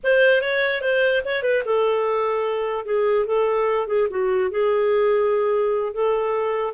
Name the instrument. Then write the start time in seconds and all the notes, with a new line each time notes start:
clarinet
0.03 C5
0.41 C#5
0.81 C5
1.24 C#5
1.42 B4
1.65 A4
2.85 G#4
3.26 A4
3.87 G#4
4.10 F#4
4.51 G#4
5.93 A4